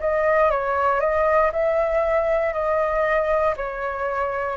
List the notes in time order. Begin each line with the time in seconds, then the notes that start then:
0.00 D#5
0.50 C#5
1.00 D#5
1.52 E5
2.53 D#5
3.56 C#5